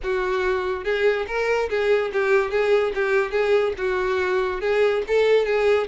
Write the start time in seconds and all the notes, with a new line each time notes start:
0.03 F#4
0.84 G#4
1.27 A#4
1.69 G#4
2.12 G4
2.51 G#4
2.95 G4
3.31 G#4
3.77 F#4
4.61 G#4
5.07 A4
5.45 G#4